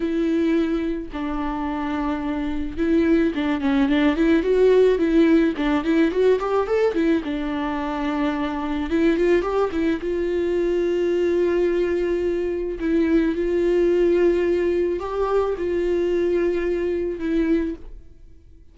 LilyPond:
\new Staff \with { instrumentName = "viola" } { \time 4/4 \tempo 4 = 108 e'2 d'2~ | d'4 e'4 d'8 cis'8 d'8 e'8 | fis'4 e'4 d'8 e'8 fis'8 g'8 | a'8 e'8 d'2. |
e'8 f'8 g'8 e'8 f'2~ | f'2. e'4 | f'2. g'4 | f'2. e'4 | }